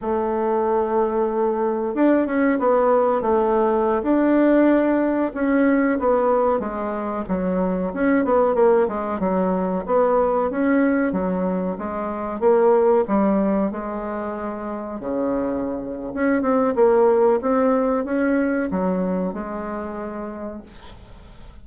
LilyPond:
\new Staff \with { instrumentName = "bassoon" } { \time 4/4 \tempo 4 = 93 a2. d'8 cis'8 | b4 a4~ a16 d'4.~ d'16~ | d'16 cis'4 b4 gis4 fis8.~ | fis16 cis'8 b8 ais8 gis8 fis4 b8.~ |
b16 cis'4 fis4 gis4 ais8.~ | ais16 g4 gis2 cis8.~ | cis4 cis'8 c'8 ais4 c'4 | cis'4 fis4 gis2 | }